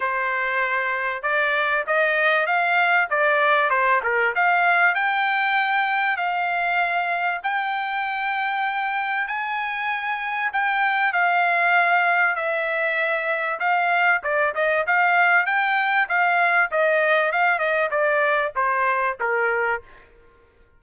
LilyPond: \new Staff \with { instrumentName = "trumpet" } { \time 4/4 \tempo 4 = 97 c''2 d''4 dis''4 | f''4 d''4 c''8 ais'8 f''4 | g''2 f''2 | g''2. gis''4~ |
gis''4 g''4 f''2 | e''2 f''4 d''8 dis''8 | f''4 g''4 f''4 dis''4 | f''8 dis''8 d''4 c''4 ais'4 | }